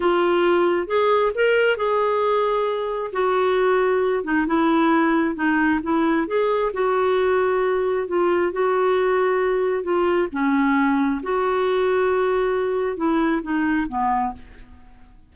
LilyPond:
\new Staff \with { instrumentName = "clarinet" } { \time 4/4 \tempo 4 = 134 f'2 gis'4 ais'4 | gis'2. fis'4~ | fis'4. dis'8 e'2 | dis'4 e'4 gis'4 fis'4~ |
fis'2 f'4 fis'4~ | fis'2 f'4 cis'4~ | cis'4 fis'2.~ | fis'4 e'4 dis'4 b4 | }